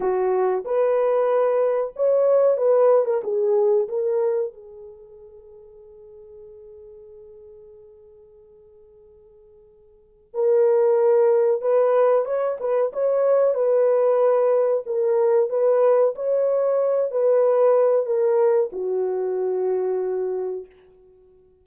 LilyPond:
\new Staff \with { instrumentName = "horn" } { \time 4/4 \tempo 4 = 93 fis'4 b'2 cis''4 | b'8. ais'16 gis'4 ais'4 gis'4~ | gis'1~ | gis'1 |
ais'2 b'4 cis''8 b'8 | cis''4 b'2 ais'4 | b'4 cis''4. b'4. | ais'4 fis'2. | }